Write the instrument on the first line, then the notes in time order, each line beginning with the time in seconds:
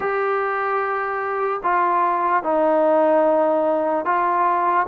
trombone
0.00 G4
1.63 F4
2.43 D#4
4.05 F4